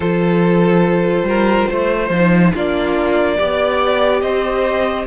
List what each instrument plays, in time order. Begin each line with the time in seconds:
0.00 cello F3, viola F4, violin A4 C5
1.23 cello G3, violin A#4
1.68 cello A3, violin C5
2.09 cello F3, viola D#4
2.54 cello A#3, viola D4, violin F4 D5
3.37 cello B3, viola G4, violin D5
4.21 cello C4, violin C5 D#5